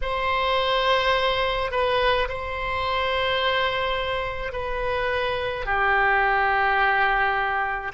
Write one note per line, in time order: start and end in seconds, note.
0.01 1.71 C5
1.71 2.27 B4
2.28 4.52 C5
4.52 5.65 B4
5.65 7.91 G4